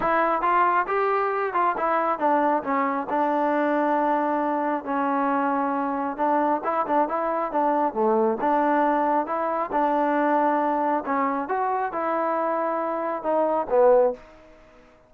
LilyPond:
\new Staff \with { instrumentName = "trombone" } { \time 4/4 \tempo 4 = 136 e'4 f'4 g'4. f'8 | e'4 d'4 cis'4 d'4~ | d'2. cis'4~ | cis'2 d'4 e'8 d'8 |
e'4 d'4 a4 d'4~ | d'4 e'4 d'2~ | d'4 cis'4 fis'4 e'4~ | e'2 dis'4 b4 | }